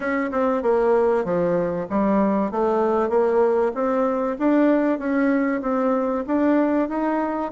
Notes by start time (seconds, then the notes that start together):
0.00 C#4
0.31 C4
0.62 A#3
1.24 F3
1.89 G3
2.51 A3
3.09 A#3
3.74 C4
4.39 D4
4.98 C#4
5.61 C4
6.26 D4
6.89 D#4